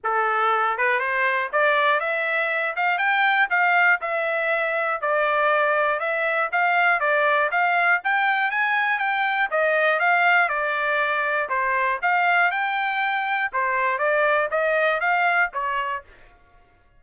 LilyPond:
\new Staff \with { instrumentName = "trumpet" } { \time 4/4 \tempo 4 = 120 a'4. b'8 c''4 d''4 | e''4. f''8 g''4 f''4 | e''2 d''2 | e''4 f''4 d''4 f''4 |
g''4 gis''4 g''4 dis''4 | f''4 d''2 c''4 | f''4 g''2 c''4 | d''4 dis''4 f''4 cis''4 | }